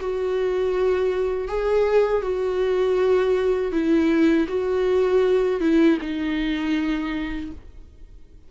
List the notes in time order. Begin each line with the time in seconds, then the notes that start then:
0.00 F#4
1.48 G#4
2.22 F#4
3.71 E4
4.48 F#4
5.60 E4
6.01 D#4